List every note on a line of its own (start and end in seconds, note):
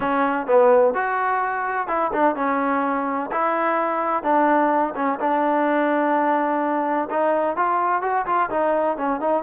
0.00 0.46 C#4
0.46 0.94 B3
0.94 1.87 F#4
1.87 2.11 E4
2.13 2.35 D4
2.35 3.30 C#4
3.31 4.23 E4
4.23 4.94 D4
4.95 5.19 C#4
5.19 7.08 D4
7.10 7.56 D#4
7.56 8.02 F4
8.02 8.25 F#4
8.26 8.49 F4
8.50 8.97 D#4
8.97 9.20 C#4
9.20 9.43 D#4